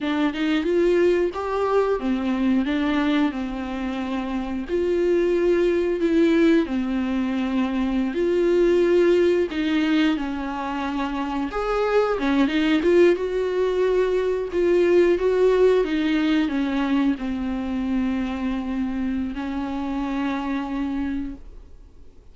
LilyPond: \new Staff \with { instrumentName = "viola" } { \time 4/4 \tempo 4 = 90 d'8 dis'8 f'4 g'4 c'4 | d'4 c'2 f'4~ | f'4 e'4 c'2~ | c'16 f'2 dis'4 cis'8.~ |
cis'4~ cis'16 gis'4 cis'8 dis'8 f'8 fis'16~ | fis'4.~ fis'16 f'4 fis'4 dis'16~ | dis'8. cis'4 c'2~ c'16~ | c'4 cis'2. | }